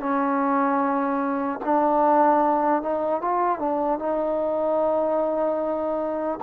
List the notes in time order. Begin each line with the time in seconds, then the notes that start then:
0.00 C#4
1.65 D4
2.83 D#4
3.22 F4
3.59 D4
3.99 D#4